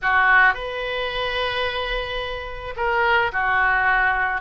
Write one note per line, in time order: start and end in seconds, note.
0.02 0.54 F#4
0.54 2.74 B4
2.76 3.31 A#4
3.32 4.41 F#4